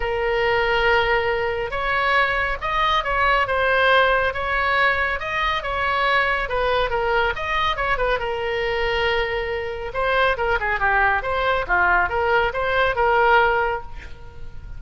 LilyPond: \new Staff \with { instrumentName = "oboe" } { \time 4/4 \tempo 4 = 139 ais'1 | cis''2 dis''4 cis''4 | c''2 cis''2 | dis''4 cis''2 b'4 |
ais'4 dis''4 cis''8 b'8 ais'4~ | ais'2. c''4 | ais'8 gis'8 g'4 c''4 f'4 | ais'4 c''4 ais'2 | }